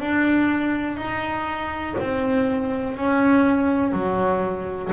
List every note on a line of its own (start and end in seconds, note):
0.00 0.97 D4
0.97 1.95 D#4
1.99 2.96 C4
2.96 3.92 C#4
3.92 4.90 F#3